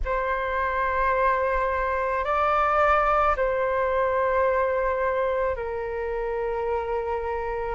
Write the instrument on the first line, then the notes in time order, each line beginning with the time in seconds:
flute
0.05 C5
2.24 D5
3.36 C5
5.56 A#4